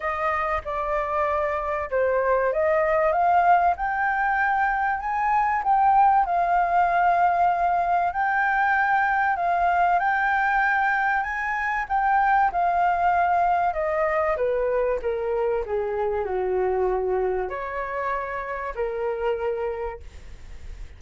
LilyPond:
\new Staff \with { instrumentName = "flute" } { \time 4/4 \tempo 4 = 96 dis''4 d''2 c''4 | dis''4 f''4 g''2 | gis''4 g''4 f''2~ | f''4 g''2 f''4 |
g''2 gis''4 g''4 | f''2 dis''4 b'4 | ais'4 gis'4 fis'2 | cis''2 ais'2 | }